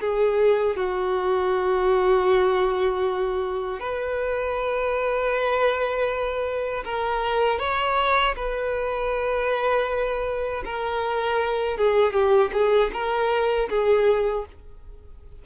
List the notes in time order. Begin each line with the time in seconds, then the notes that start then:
0.00 G#4
0.76 F#4
3.79 B4
6.84 A#4
7.59 C#5
8.35 B4
10.65 A#4
11.77 G#4
12.12 G4
12.52 G#4
12.93 A#4
13.69 G#4